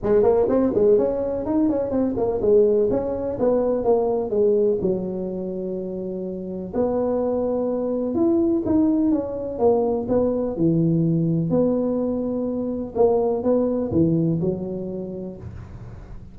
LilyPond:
\new Staff \with { instrumentName = "tuba" } { \time 4/4 \tempo 4 = 125 gis8 ais8 c'8 gis8 cis'4 dis'8 cis'8 | c'8 ais8 gis4 cis'4 b4 | ais4 gis4 fis2~ | fis2 b2~ |
b4 e'4 dis'4 cis'4 | ais4 b4 e2 | b2. ais4 | b4 e4 fis2 | }